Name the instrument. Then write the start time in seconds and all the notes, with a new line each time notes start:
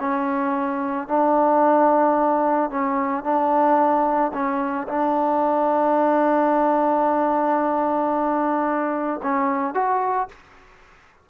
trombone
0.00 C#4
1.08 D4
2.70 C#4
3.24 D4
4.33 C#4
4.88 D4
9.23 C#4
9.74 F#4